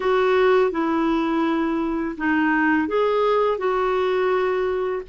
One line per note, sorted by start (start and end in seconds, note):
0.00 0.71 F#4
0.71 2.16 E4
2.17 2.88 D#4
2.88 3.58 G#4
3.58 5.02 F#4